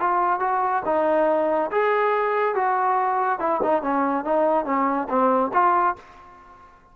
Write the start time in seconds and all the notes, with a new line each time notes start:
0.00 F4
0.40 F#4
0.86 D#4
1.72 G#4
2.56 F#4
3.40 E4
3.63 D#4
3.83 C#4
4.25 D#4
4.66 C#4
5.09 C4
5.54 F4